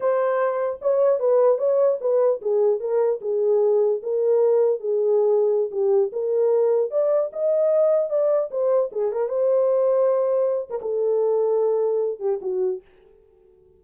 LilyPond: \new Staff \with { instrumentName = "horn" } { \time 4/4 \tempo 4 = 150 c''2 cis''4 b'4 | cis''4 b'4 gis'4 ais'4 | gis'2 ais'2 | gis'2~ gis'16 g'4 ais'8.~ |
ais'4~ ais'16 d''4 dis''4.~ dis''16~ | dis''16 d''4 c''4 gis'8 ais'8 c''8.~ | c''2~ c''8. ais'16 a'4~ | a'2~ a'8 g'8 fis'4 | }